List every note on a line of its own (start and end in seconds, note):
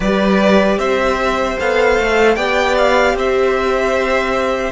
0.00 0.77 G3
0.00 1.59 G4
0.00 0.78 B4
0.00 0.78 D5
0.78 1.57 C4
0.78 2.36 C5
0.78 1.57 E5
1.59 1.98 B3
1.59 2.37 A4
1.59 2.35 F5
1.98 2.36 A3
2.35 3.14 B3
2.35 4.71 G4
2.35 3.15 D5
2.35 2.75 G5
2.77 3.17 F5
3.14 4.71 C4
3.14 4.71 C5
3.14 4.71 E5